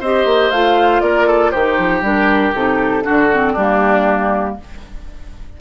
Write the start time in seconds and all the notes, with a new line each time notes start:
0.00 C4 G4 C5 D#5
0.25 A#3
0.51 A3 F4 F5
1.01 A#3 A#4 D5
1.28 A4
1.51 D#3 D#4 G4 C5
1.78 F3
2.01 G3 D4 A#4
2.53 C3 D#4 A4
3.03 D3 D4 F#4
3.32 C4
3.53 G3 D4 G4
3.59 A#3